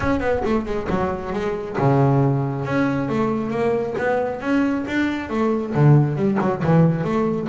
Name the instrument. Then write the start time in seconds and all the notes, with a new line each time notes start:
double bass
0.00 C#4
0.20 B3
0.44 A3
0.65 G#3
0.89 F#3
1.32 G#3
1.77 C#3
2.65 C#4
3.09 A3
3.50 A#3
3.98 B3
4.40 C#4
4.87 D4
5.29 A3
5.74 D3
6.16 G3
6.40 F#3
6.63 E3
7.04 A3